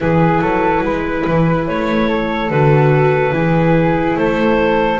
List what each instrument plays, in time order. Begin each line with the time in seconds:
0.00 double bass E3, viola E4, flute G#4, clarinet B4
0.41 double bass F#3, flute A4
0.83 double bass G#3, flute B4
1.27 double bass E3
1.67 double bass A3, clarinet C#5
2.08 flute A4
2.49 double bass D3, viola F#4, clarinet B4
3.31 double bass E3, viola E4, flute G#4
4.15 double bass A3, flute A4, clarinet C5